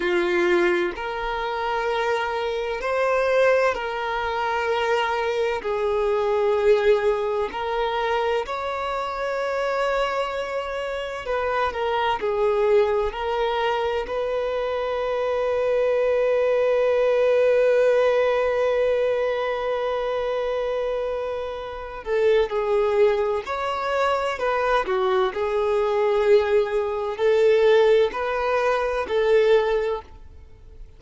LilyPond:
\new Staff \with { instrumentName = "violin" } { \time 4/4 \tempo 4 = 64 f'4 ais'2 c''4 | ais'2 gis'2 | ais'4 cis''2. | b'8 ais'8 gis'4 ais'4 b'4~ |
b'1~ | b'2.~ b'8 a'8 | gis'4 cis''4 b'8 fis'8 gis'4~ | gis'4 a'4 b'4 a'4 | }